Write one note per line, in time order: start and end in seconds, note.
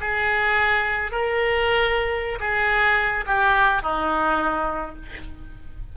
0.00 1.11 G#4
1.11 2.39 A#4
2.39 3.24 G#4
3.26 3.82 G4
3.82 4.95 D#4